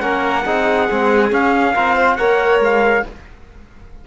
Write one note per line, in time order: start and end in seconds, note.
0.00 0.45 A#3
0.00 0.43 C#4
0.00 0.45 A#4
0.00 1.29 F#5
0.46 0.89 C4
0.46 0.89 D#4
0.46 1.74 G#4
0.89 1.32 G#3
0.89 1.31 C4
1.31 1.74 C#4
1.31 1.75 C#4
1.31 2.16 F5
1.75 2.19 C4
1.75 2.19 F4
1.75 1.96 A#4
1.96 2.17 C5
2.16 2.60 A#3
2.16 3.04 A#4
2.16 3.05 C#5
2.16 2.59 F#5
2.60 3.03 G#3
2.60 3.07 F5